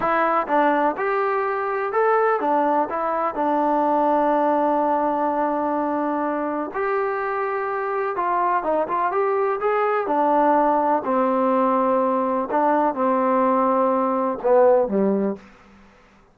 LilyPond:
\new Staff \with { instrumentName = "trombone" } { \time 4/4 \tempo 4 = 125 e'4 d'4 g'2 | a'4 d'4 e'4 d'4~ | d'1~ | d'2 g'2~ |
g'4 f'4 dis'8 f'8 g'4 | gis'4 d'2 c'4~ | c'2 d'4 c'4~ | c'2 b4 g4 | }